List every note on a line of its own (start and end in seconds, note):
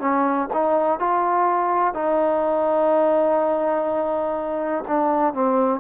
0.00 0.48 C#4
0.53 0.99 D#4
0.99 1.94 F4
1.94 4.84 D#4
4.88 5.34 D4
5.34 5.80 C4